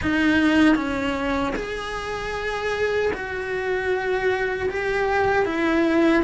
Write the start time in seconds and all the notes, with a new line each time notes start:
0.01 D#4
0.75 C#4
1.55 G#4
3.13 F#4
4.69 G4
5.45 E4